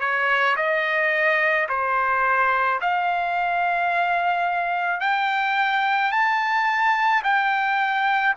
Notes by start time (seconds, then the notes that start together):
0.00 C#5
0.57 D#5
1.69 C5
2.81 F5
5.01 G5
6.12 A5
7.24 G5